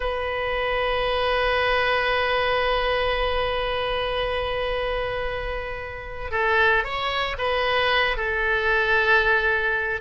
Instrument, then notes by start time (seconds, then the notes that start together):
oboe
0.00 B4
6.31 A4
6.83 C#5
7.38 B4
8.16 A4